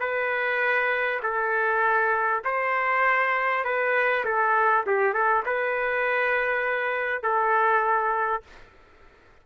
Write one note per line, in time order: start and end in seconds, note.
0.00 1.20 B4
1.23 2.43 A4
2.44 3.64 C5
3.64 4.24 B4
4.25 4.85 A4
4.87 5.14 G4
5.14 5.44 A4
5.45 7.23 B4
7.23 8.43 A4